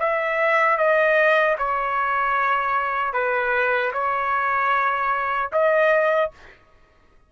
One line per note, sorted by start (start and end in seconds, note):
0.00 0.78 E5
0.78 1.57 D#5
1.58 3.13 C#5
3.13 3.92 B4
3.93 5.51 C#5
5.53 6.32 D#5